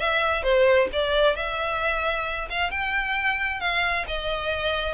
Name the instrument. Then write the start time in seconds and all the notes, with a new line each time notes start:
violin
0.00 E5
0.43 C5
0.93 D5
1.36 E5
2.50 F5
2.71 G5
3.60 F5
4.08 D#5